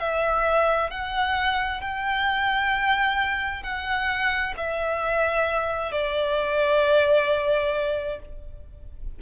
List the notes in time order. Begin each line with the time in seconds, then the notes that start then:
0.00 E5
0.90 F#5
1.81 G5
3.63 F#5
4.57 E5
5.92 D5